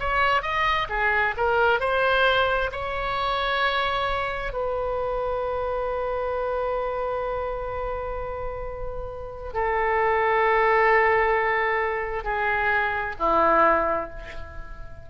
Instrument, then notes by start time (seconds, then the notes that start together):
oboe
0.00 C#5
0.42 D#5
0.90 G#4
1.37 A#4
1.81 C5
2.72 C#5
4.53 B4
9.54 A4
12.24 G#4
13.19 E4